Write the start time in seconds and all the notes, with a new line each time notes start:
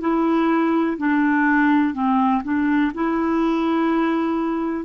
0.00 E4
0.97 D4
1.94 C4
2.44 D4
2.94 E4